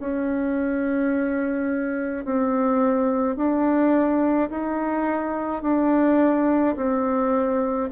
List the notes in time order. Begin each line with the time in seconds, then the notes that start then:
0.00 C#4
2.25 C4
3.37 D4
4.50 D#4
5.62 D4
6.77 C4